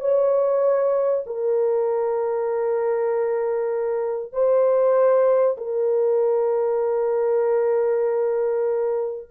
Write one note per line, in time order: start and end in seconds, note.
0.00 1.24 C#5
1.26 4.32 A#4
4.32 5.56 C5
5.57 9.28 A#4